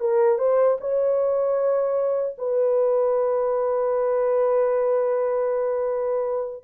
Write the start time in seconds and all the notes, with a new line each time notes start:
0.00 A#4
0.38 C5
0.80 C#5
2.38 B4